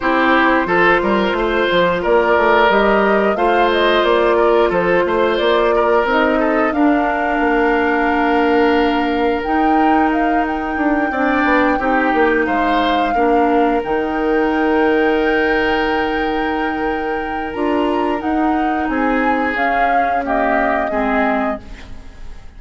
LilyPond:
<<
  \new Staff \with { instrumentName = "flute" } { \time 4/4 \tempo 4 = 89 c''2. d''4 | dis''4 f''8 dis''8 d''4 c''4 | d''4 dis''4 f''2~ | f''2 g''4 f''8 g''8~ |
g''2~ g''8 f''4.~ | f''8 g''2.~ g''8~ | g''2 ais''4 fis''4 | gis''4 f''4 dis''2 | }
  \new Staff \with { instrumentName = "oboe" } { \time 4/4 g'4 a'8 ais'8 c''4 ais'4~ | ais'4 c''4. ais'8 a'8 c''8~ | c''8 ais'4 a'8 ais'2~ | ais'1~ |
ais'8 d''4 g'4 c''4 ais'8~ | ais'1~ | ais'1 | gis'2 g'4 gis'4 | }
  \new Staff \with { instrumentName = "clarinet" } { \time 4/4 e'4 f'2. | g'4 f'2.~ | f'4 dis'4 d'2~ | d'2 dis'2~ |
dis'8 d'4 dis'2 d'8~ | d'8 dis'2.~ dis'8~ | dis'2 f'4 dis'4~ | dis'4 cis'4 ais4 c'4 | }
  \new Staff \with { instrumentName = "bassoon" } { \time 4/4 c'4 f8 g8 a8 f8 ais8 a8 | g4 a4 ais4 f8 a8 | ais4 c'4 d'4 ais4~ | ais2 dis'2 |
d'8 c'8 b8 c'8 ais8 gis4 ais8~ | ais8 dis2.~ dis8~ | dis2 d'4 dis'4 | c'4 cis'2 gis4 | }
>>